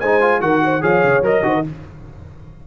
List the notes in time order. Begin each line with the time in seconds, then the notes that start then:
0.00 G#3 D#4 C5 G#5
0.21 F4
0.41 D#3 F#4 A#4 F#5
0.65 C5
0.82 F3 G#4 C#5 F5
1.04 C#3
1.22 F#3 A#4 D#5
1.43 D#3 F#4 C5
1.54 A#4